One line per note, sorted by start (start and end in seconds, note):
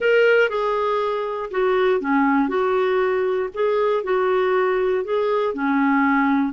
0.00 0.49 A#4
0.49 1.50 G#4
1.50 2.00 F#4
2.00 2.48 C#4
2.48 3.49 F#4
3.54 4.03 G#4
4.03 5.04 F#4
5.04 5.53 G#4
5.53 6.52 C#4